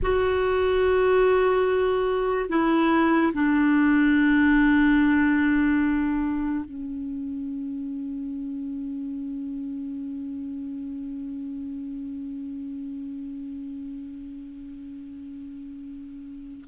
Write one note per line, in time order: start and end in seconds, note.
0.02 2.48 F#4
2.48 3.32 E4
3.33 6.64 D4
6.64 16.64 C#4